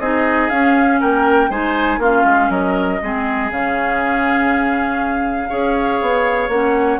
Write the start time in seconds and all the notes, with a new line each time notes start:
0.00 C4 D#4 G#4 D#5
0.50 C#4 F5
1.00 A#3 A#4 G5
1.50 G#3 D#4 C5 G#5
1.98 A#3 C#4 F4 F5
2.25 G#3
2.49 F#3 A#4 D#5
3.02 G#3 C4 G#4
3.51 C#3 C#4 F5
5.49 C#4 G#4 C#5
6.01 B3
6.49 A#3 C#4 F#5